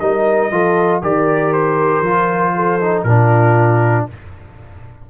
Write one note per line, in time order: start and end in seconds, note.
0.00 0.52 G3
0.00 0.51 D#4
0.00 0.51 A#4
0.00 1.02 D#5
0.51 1.03 F3
0.51 1.02 F4
0.51 1.01 A4
1.01 2.01 D#3
1.01 2.04 G4
1.01 2.54 A#4
1.01 1.53 D5
1.53 3.03 C5
2.01 3.03 F3
2.01 2.81 F4
2.56 3.06 A4
2.81 3.07 D#4
3.03 4.06 A#2
3.03 4.10 D4
3.03 4.07 F4
3.03 4.05 A#4